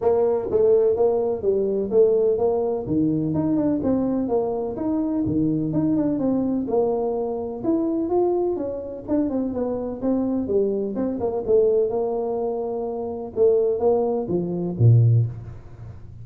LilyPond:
\new Staff \with { instrumentName = "tuba" } { \time 4/4 \tempo 4 = 126 ais4 a4 ais4 g4 | a4 ais4 dis4 dis'8 d'8 | c'4 ais4 dis'4 dis4 | dis'8 d'8 c'4 ais2 |
e'4 f'4 cis'4 d'8 c'8 | b4 c'4 g4 c'8 ais8 | a4 ais2. | a4 ais4 f4 ais,4 | }